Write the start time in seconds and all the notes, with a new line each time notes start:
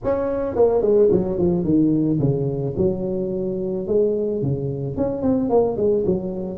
0.04 C#4
0.55 A#3
0.81 G#3
1.11 F#3
1.38 F3
1.64 D#3
2.19 C#3
2.77 F#3
3.87 G#3
4.42 C#3
4.96 C#4
5.21 C4
5.49 A#3
5.76 G#3
6.06 F#3